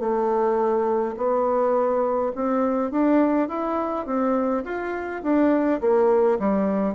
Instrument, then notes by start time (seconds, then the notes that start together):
bassoon
0.00 A3
1.16 B3
2.35 C4
2.92 D4
3.48 E4
4.06 C4
4.65 F4
5.23 D4
5.81 A#3
6.39 G3